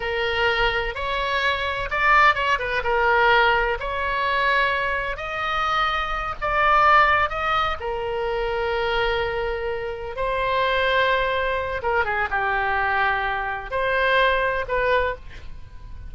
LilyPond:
\new Staff \with { instrumentName = "oboe" } { \time 4/4 \tempo 4 = 127 ais'2 cis''2 | d''4 cis''8 b'8 ais'2 | cis''2. dis''4~ | dis''4. d''2 dis''8~ |
dis''8 ais'2.~ ais'8~ | ais'4. c''2~ c''8~ | c''4 ais'8 gis'8 g'2~ | g'4 c''2 b'4 | }